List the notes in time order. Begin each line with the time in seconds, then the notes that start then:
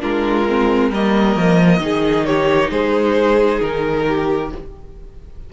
0.00 G#3 D4 F4 A#4
0.48 C4
0.90 G3 A#3 A#4 D#5
1.36 F3
1.79 D#3 D#4 G#4
2.26 G4 C#5
2.71 G#3 G#4 C5
3.61 D#3 A#4
4.08 G4